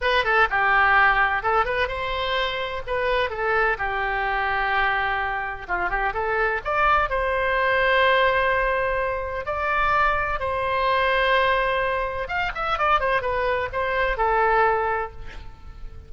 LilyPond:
\new Staff \with { instrumentName = "oboe" } { \time 4/4 \tempo 4 = 127 b'8 a'8 g'2 a'8 b'8 | c''2 b'4 a'4 | g'1 | f'8 g'8 a'4 d''4 c''4~ |
c''1 | d''2 c''2~ | c''2 f''8 e''8 d''8 c''8 | b'4 c''4 a'2 | }